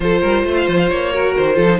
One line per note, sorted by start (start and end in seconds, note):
0.00 0.21 F3
0.00 1.12 F4
0.00 0.21 A4
0.00 0.55 C5
0.21 0.44 G3
0.21 0.43 A#4
0.44 0.67 A3
0.44 1.12 C5
0.56 0.67 F5
0.67 0.90 F3
0.67 0.77 C5
0.77 0.89 F5
0.89 1.35 A#3
0.89 1.34 C#5
1.12 1.54 F#4
1.12 1.55 A#4
1.36 1.57 D#3
1.36 1.79 C5
1.54 1.79 F3
1.54 1.66 F4
1.54 1.78 A4
1.69 1.79 D#4